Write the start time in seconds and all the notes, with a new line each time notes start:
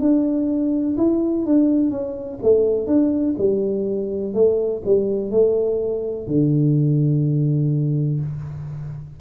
0.00 D4
0.98 E4
1.46 D4
1.90 C#4
2.42 A3
2.87 D4
3.38 G3
4.34 A3
4.85 G3
5.31 A3
6.27 D3